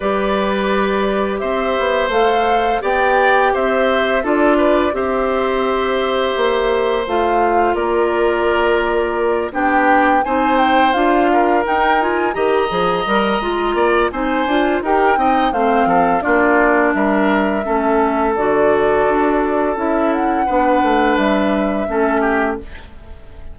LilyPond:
<<
  \new Staff \with { instrumentName = "flute" } { \time 4/4 \tempo 4 = 85 d''2 e''4 f''4 | g''4 e''4 d''4 e''4~ | e''2 f''4 d''4~ | d''4. g''4 gis''8 g''8 f''8~ |
f''8 g''8 gis''8 ais''2~ ais''8 | gis''4 g''4 f''4 d''4 | e''2 d''2 | e''8 fis''4. e''2 | }
  \new Staff \with { instrumentName = "oboe" } { \time 4/4 b'2 c''2 | d''4 c''4 a'8 b'8 c''4~ | c''2. ais'4~ | ais'4. g'4 c''4. |
ais'4. dis''2 d''8 | c''4 ais'8 dis''8 c''8 a'8 f'4 | ais'4 a'2.~ | a'4 b'2 a'8 g'8 | }
  \new Staff \with { instrumentName = "clarinet" } { \time 4/4 g'2. a'4 | g'2 f'4 g'4~ | g'2 f'2~ | f'4. d'4 dis'4 f'8~ |
f'8 dis'8 f'8 g'8 gis'8 ais'8 f'4 | dis'8 f'8 g'8 dis'8 c'4 d'4~ | d'4 cis'4 fis'2 | e'4 d'2 cis'4 | }
  \new Staff \with { instrumentName = "bassoon" } { \time 4/4 g2 c'8 b8 a4 | b4 c'4 d'4 c'4~ | c'4 ais4 a4 ais4~ | ais4. b4 c'4 d'8~ |
d'8 dis'4 dis8 f8 g8 gis8 ais8 | c'8 d'8 dis'8 c'8 a8 f8 ais4 | g4 a4 d4 d'4 | cis'4 b8 a8 g4 a4 | }
>>